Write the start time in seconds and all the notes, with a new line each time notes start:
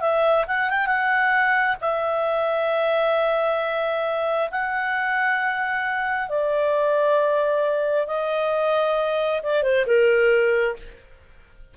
0.00 E5
0.47 F#5
0.69 G5
0.86 F#5
1.81 E5
4.51 F#5
6.28 D5
8.07 D#5
9.43 D5
9.62 C5
9.86 A#4